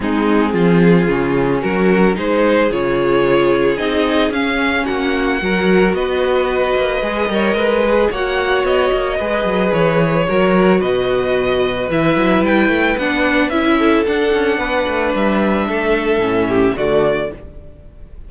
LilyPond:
<<
  \new Staff \with { instrumentName = "violin" } { \time 4/4 \tempo 4 = 111 gis'2. ais'4 | c''4 cis''2 dis''4 | f''4 fis''2 dis''4~ | dis''2. fis''4 |
dis''2 cis''2 | dis''2 e''4 g''4 | fis''4 e''4 fis''2 | e''2. d''4 | }
  \new Staff \with { instrumentName = "violin" } { \time 4/4 dis'4 f'2 fis'4 | gis'1~ | gis'4 fis'4 ais'4 b'4~ | b'4. cis''8 b'4 cis''4~ |
cis''4 b'2 ais'4 | b'1~ | b'4. a'4. b'4~ | b'4 a'4. g'8 fis'4 | }
  \new Staff \with { instrumentName = "viola" } { \time 4/4 c'2 cis'2 | dis'4 f'2 dis'4 | cis'2 fis'2~ | fis'4 gis'8 ais'4 gis'8 fis'4~ |
fis'4 gis'2 fis'4~ | fis'2 e'2 | d'4 e'4 d'2~ | d'2 cis'4 a4 | }
  \new Staff \with { instrumentName = "cello" } { \time 4/4 gis4 f4 cis4 fis4 | gis4 cis2 c'4 | cis'4 ais4 fis4 b4~ | b8 ais8 gis8 g8 gis4 ais4 |
b8 ais8 gis8 fis8 e4 fis4 | b,2 e8 fis8 g8 a8 | b4 cis'4 d'8 cis'8 b8 a8 | g4 a4 a,4 d4 | }
>>